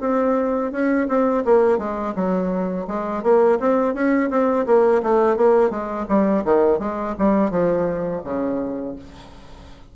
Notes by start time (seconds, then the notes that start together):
0.00 C4
0.71 C#4
1.08 C4
1.44 A#3
1.78 G#3
2.15 F#3
2.87 G#3
3.23 A#3
3.59 C4
3.94 C#4
4.30 C4
4.66 A#3
5.02 A3
5.36 A#3
5.70 G#3
6.08 G3
6.44 D#3
6.79 G#3
7.18 G3
7.50 F3
8.24 C#3